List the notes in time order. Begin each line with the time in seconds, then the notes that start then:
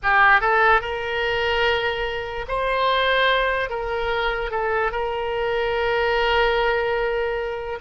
0.02 G4
0.40 A4
0.81 A#4
2.47 C5
3.69 A#4
4.50 A4
4.91 A#4